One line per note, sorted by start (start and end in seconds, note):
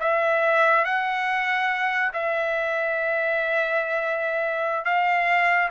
0.00 0.85 E5
0.85 2.11 F#5
2.13 4.85 E5
4.85 5.69 F5